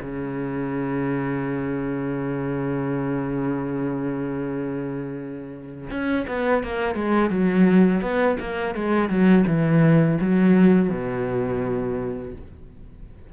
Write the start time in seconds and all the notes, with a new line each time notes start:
0.00 C#3
5.90 C#4
6.28 B3
6.63 A#3
6.94 G#3
7.30 F#3
8.01 B3
8.40 A#3
8.75 G#3
9.09 F#3
9.46 E3
10.20 F#3
10.89 B2